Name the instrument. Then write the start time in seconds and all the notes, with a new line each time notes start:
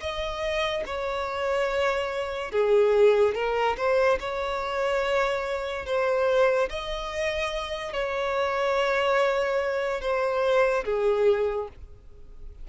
violin
0.00 D#5
0.85 C#5
2.51 G#4
3.34 A#4
3.77 C5
4.20 C#5
5.85 C5
6.69 D#5
7.93 C#5
10.01 C5
10.84 G#4